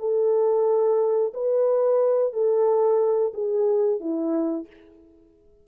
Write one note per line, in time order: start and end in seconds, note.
0.00 1.33 A4
1.34 2.34 B4
2.34 3.34 A4
3.34 4.01 G#4
4.01 4.67 E4